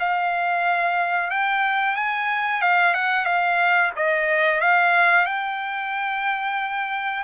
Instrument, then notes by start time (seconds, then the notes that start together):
trumpet
0.00 F5
1.31 G5
1.96 G#5
2.62 F5
2.94 F#5
3.25 F5
3.96 D#5
4.61 F5
5.26 G5